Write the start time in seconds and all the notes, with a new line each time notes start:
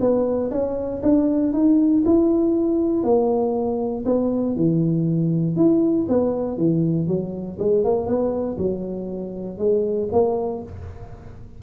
0.00 B3
0.51 C#4
1.03 D4
1.53 D#4
2.06 E4
3.03 A#3
4.05 B3
4.56 E3
5.56 E4
6.08 B3
6.58 E3
7.07 F#3
7.59 G#3
7.84 A#3
8.07 B3
8.58 F#3
9.58 G#3
10.12 A#3